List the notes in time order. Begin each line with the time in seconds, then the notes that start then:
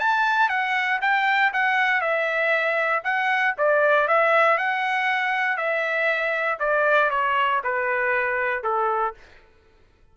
0.00 A5
0.49 F#5
1.02 G5
1.53 F#5
2.01 E5
3.04 F#5
3.58 D5
4.08 E5
4.58 F#5
5.57 E5
6.60 D5
7.11 C#5
7.64 B4
8.64 A4